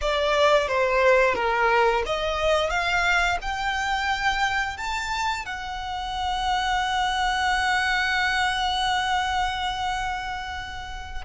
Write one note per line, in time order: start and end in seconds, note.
0.01 0.68 D5
0.68 1.35 C5
1.35 2.03 A#4
2.05 2.70 D#5
2.70 3.38 F5
3.41 4.77 G5
4.77 5.45 A5
5.45 11.25 F#5